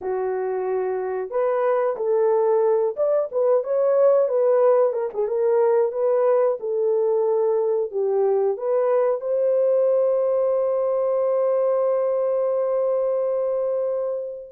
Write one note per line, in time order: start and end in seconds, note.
0.01 1.30 F#4
1.30 1.96 B4
1.96 2.95 A4
2.96 3.29 D5
3.31 3.63 B4
3.63 4.28 C#5
4.28 4.93 B4
4.93 5.09 A#4
5.13 5.27 G#4
5.27 5.92 A#4
5.92 6.58 B4
6.60 7.91 A4
7.91 8.57 G4
8.57 9.20 B4
9.20 14.48 C5